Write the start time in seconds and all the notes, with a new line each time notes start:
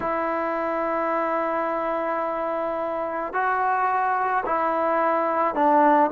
0.00 E4
3.33 F#4
4.45 E4
5.55 D4